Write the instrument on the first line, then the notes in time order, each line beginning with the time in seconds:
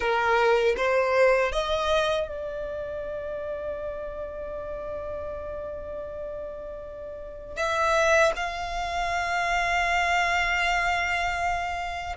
violin
0.00 A#4
0.77 C5
1.52 D#5
2.28 D5
7.56 E5
8.36 F5